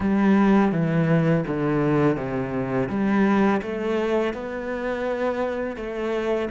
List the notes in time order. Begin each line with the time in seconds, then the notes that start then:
0.00 G3
0.72 E3
1.47 D3
2.16 C3
2.89 G3
3.61 A3
4.33 B3
5.76 A3